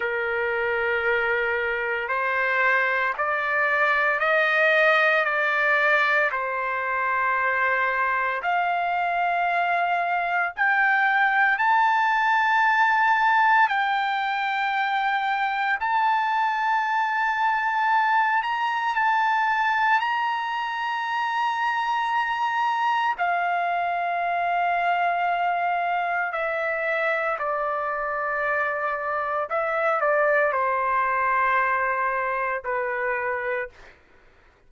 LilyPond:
\new Staff \with { instrumentName = "trumpet" } { \time 4/4 \tempo 4 = 57 ais'2 c''4 d''4 | dis''4 d''4 c''2 | f''2 g''4 a''4~ | a''4 g''2 a''4~ |
a''4. ais''8 a''4 ais''4~ | ais''2 f''2~ | f''4 e''4 d''2 | e''8 d''8 c''2 b'4 | }